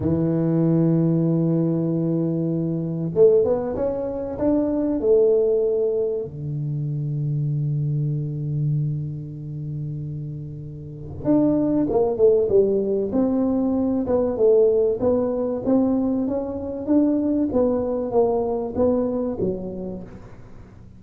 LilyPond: \new Staff \with { instrumentName = "tuba" } { \time 4/4 \tempo 4 = 96 e1~ | e4 a8 b8 cis'4 d'4 | a2 d2~ | d1~ |
d2 d'4 ais8 a8 | g4 c'4. b8 a4 | b4 c'4 cis'4 d'4 | b4 ais4 b4 fis4 | }